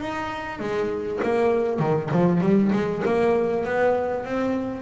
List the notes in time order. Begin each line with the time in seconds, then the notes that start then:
0.00 D#4
0.59 G#3
1.23 A#3
1.79 D#3
2.11 F3
2.40 G3
2.72 G#3
3.05 A#3
3.64 B3
4.25 C4